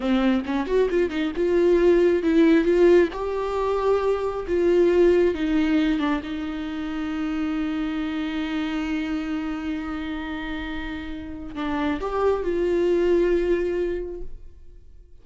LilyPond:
\new Staff \with { instrumentName = "viola" } { \time 4/4 \tempo 4 = 135 c'4 cis'8 fis'8 f'8 dis'8 f'4~ | f'4 e'4 f'4 g'4~ | g'2 f'2 | dis'4. d'8 dis'2~ |
dis'1~ | dis'1~ | dis'2 d'4 g'4 | f'1 | }